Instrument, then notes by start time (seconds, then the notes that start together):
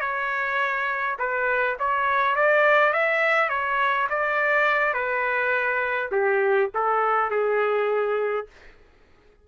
trumpet
0.00 C#5
1.18 B4
1.79 C#5
2.35 D5
2.93 E5
3.49 C#5
4.09 D5
4.94 B4
6.12 G4
6.74 A4
7.30 G#4